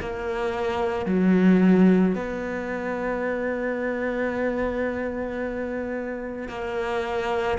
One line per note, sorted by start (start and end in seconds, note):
0.00 1.05 A#3
1.05 2.14 F#3
2.15 6.48 B3
6.48 7.57 A#3